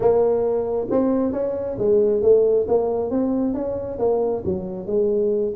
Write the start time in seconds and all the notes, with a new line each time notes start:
0.00 A#3
0.90 C4
1.32 C#4
1.78 G#3
2.21 A3
2.67 A#3
3.10 C4
3.53 C#4
3.98 A#3
4.44 F#3
4.86 G#3